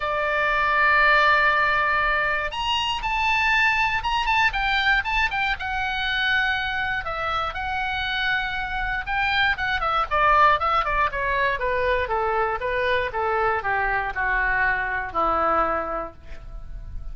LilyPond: \new Staff \with { instrumentName = "oboe" } { \time 4/4 \tempo 4 = 119 d''1~ | d''4 ais''4 a''2 | ais''8 a''8 g''4 a''8 g''8 fis''4~ | fis''2 e''4 fis''4~ |
fis''2 g''4 fis''8 e''8 | d''4 e''8 d''8 cis''4 b'4 | a'4 b'4 a'4 g'4 | fis'2 e'2 | }